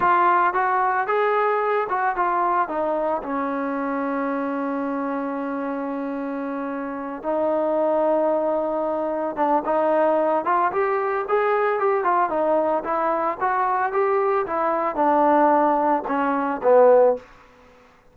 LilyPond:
\new Staff \with { instrumentName = "trombone" } { \time 4/4 \tempo 4 = 112 f'4 fis'4 gis'4. fis'8 | f'4 dis'4 cis'2~ | cis'1~ | cis'4. dis'2~ dis'8~ |
dis'4. d'8 dis'4. f'8 | g'4 gis'4 g'8 f'8 dis'4 | e'4 fis'4 g'4 e'4 | d'2 cis'4 b4 | }